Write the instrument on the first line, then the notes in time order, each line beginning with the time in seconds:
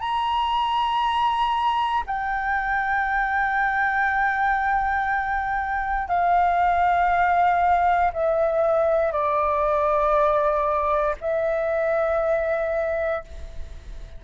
flute
0.00 A#5
2.06 G5
6.08 F5
8.13 E5
9.12 D5
11.20 E5